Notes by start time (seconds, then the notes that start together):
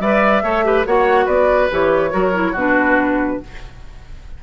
0.00 G3 B4 D5 E5
0.43 A3 A4 C#5
0.64 G4 B4
0.86 A#3 F#4 C#5 F#5
1.25 B3 B4 D5
1.70 E3 G4 C#5
2.10 F#3 F#4 A#4
2.33 E4
2.52 B2 D4 F#4 B4